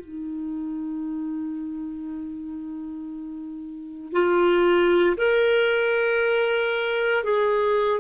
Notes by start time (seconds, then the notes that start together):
0.00 D#4
4.13 F4
5.17 A#4
7.24 G#4